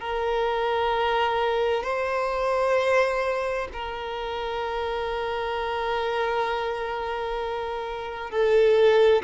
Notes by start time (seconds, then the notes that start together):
0.00 A#4
1.83 C5
3.73 A#4
8.30 A4